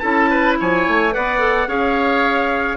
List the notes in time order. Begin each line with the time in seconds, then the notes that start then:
0.00 C#4 E4 A4 A5
0.31 B4
0.60 F3 C#5 G#5
0.88 A3
1.12 B3 B4 D5 F#5
1.39 A4
1.68 C#4 G#4 C#5 F5